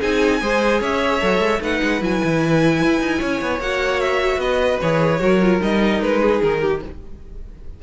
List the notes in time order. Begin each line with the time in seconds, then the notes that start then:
0.00 C4 D#4 G#4 G#5
0.41 G#3 G#4 C5
0.81 C#4 C#5 E5
1.21 F#3 A4
1.39 G#3
1.60 A3 D#4 B4 F#5
1.84 G#3
2.01 F#3 E4 G#5
2.24 E3
2.83 E4
3.00 D#4
3.19 C#4 C#5
3.42 B3
3.60 A#3 F#4 F#5
4.01 E5
4.37 B3 B4 D#5
4.81 E3 G#4 C#5
5.20 F#3 F#4 A#4
5.43 F4
5.61 G3 D#4 D#5
6.01 G#3 B4
6.22 G#4
6.43 D#3 A#4
6.61 G4